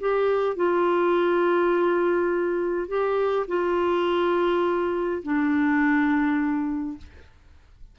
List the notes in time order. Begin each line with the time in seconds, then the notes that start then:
0.00 G4
0.56 F4
2.88 G4
3.48 F4
5.23 D4